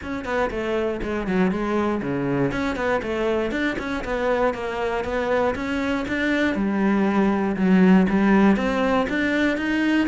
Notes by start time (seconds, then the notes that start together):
0.02 C#4
0.25 B3
0.50 A3
1.02 G#3
1.27 F#3
1.51 G#3
2.02 C#3
2.51 C#4
2.75 B3
3.02 A3
3.51 D4
3.78 C#4
4.04 B3
4.54 A#3
5.04 B3
5.55 C#4
6.08 D4
6.55 G3
7.56 F#3
8.09 G3
8.56 C4
9.09 D4
9.57 D#4